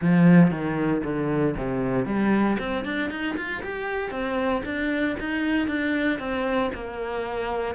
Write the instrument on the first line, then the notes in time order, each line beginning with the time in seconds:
cello
0.01 F3
0.50 D#3
1.03 D3
1.57 C3
2.05 G3
2.59 C4
2.84 D4
3.10 D#4
3.36 F4
3.62 G4
4.11 C4
4.64 D4
5.19 D#4
5.67 D4
6.19 C4
6.74 A#3